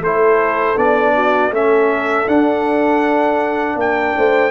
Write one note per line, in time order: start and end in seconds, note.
0.00 0.75 A3
0.00 0.76 E4
0.00 1.14 A4
0.00 0.78 C5
0.76 1.50 B3
0.76 1.51 D4
0.76 1.53 D5
1.14 1.52 F#4
1.50 2.25 A3
1.50 2.27 C#4
1.50 3.79 A4
1.50 2.28 E5
2.27 3.75 D4
2.27 4.51 D4
2.27 3.78 F#5
3.75 4.13 A#3
3.75 4.17 A#4
3.75 4.51 G5
4.17 4.51 A3
4.17 4.51 C5